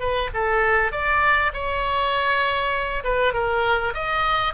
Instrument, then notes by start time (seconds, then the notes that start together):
oboe
0.00 B4
0.34 A4
0.92 D5
1.54 C#5
3.04 B4
3.34 A#4
3.95 D#5